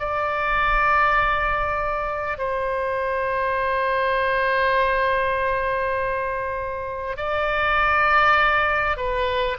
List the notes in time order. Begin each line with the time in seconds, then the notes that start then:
0.00 D5
2.38 C5
7.17 D5
8.97 B4